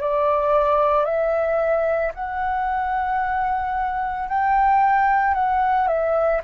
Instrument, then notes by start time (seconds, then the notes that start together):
flute
0.00 D5
1.05 E5
2.14 F#5
4.29 G5
5.34 F#5
5.88 E5